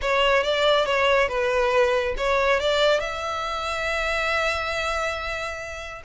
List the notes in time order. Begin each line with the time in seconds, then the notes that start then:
0.01 C#5
0.43 D5
0.85 C#5
1.28 B4
2.17 C#5
2.59 D5
2.99 E5